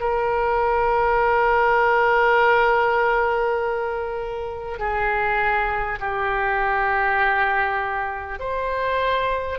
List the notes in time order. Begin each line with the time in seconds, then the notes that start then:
0.00 A#4
4.79 G#4
5.99 G4
8.39 C5